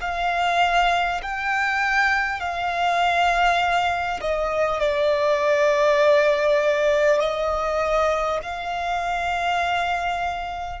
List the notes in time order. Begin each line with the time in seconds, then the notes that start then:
0.00 F5
1.22 G5
2.40 F5
4.21 D#5
4.79 D5
7.19 D#5
8.42 F5